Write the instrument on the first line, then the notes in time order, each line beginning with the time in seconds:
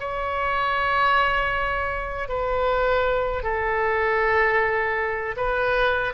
oboe
0.00 C#5
2.29 B4
3.43 A4
5.37 B4